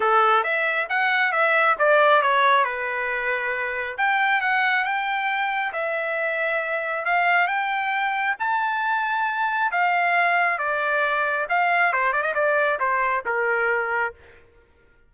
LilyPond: \new Staff \with { instrumentName = "trumpet" } { \time 4/4 \tempo 4 = 136 a'4 e''4 fis''4 e''4 | d''4 cis''4 b'2~ | b'4 g''4 fis''4 g''4~ | g''4 e''2. |
f''4 g''2 a''4~ | a''2 f''2 | d''2 f''4 c''8 d''16 dis''16 | d''4 c''4 ais'2 | }